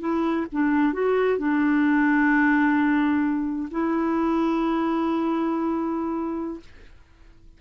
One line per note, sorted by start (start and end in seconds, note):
0.00 0.46 E4
0.52 0.93 D4
0.93 1.38 F#4
1.38 3.69 D4
3.71 6.60 E4